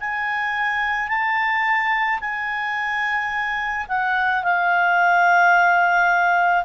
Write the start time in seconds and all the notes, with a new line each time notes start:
0.00 G#5
1.08 A5
2.20 G#5
3.88 F#5
4.43 F5